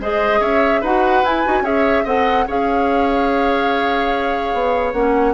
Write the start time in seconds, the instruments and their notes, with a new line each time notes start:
0.00 bassoon G#3, clarinet G#4, oboe C5, flute D#5
0.40 bassoon C#4, oboe C#5, flute E5
0.80 bassoon D#4, clarinet F#4, oboe B4, flute F#5
1.23 bassoon E4, clarinet E4, flute G#5
1.45 bassoon D#4, clarinet F#4
1.61 bassoon C#4, clarinet G#4, oboe C#5, flute E5
2.04 bassoon C4, clarinet A4, oboe D#5, flute F#5
2.47 bassoon C#4, clarinet G#4, oboe C#5, flute F5
4.53 bassoon B3
4.93 bassoon A#3, clarinet C#4, flute F#5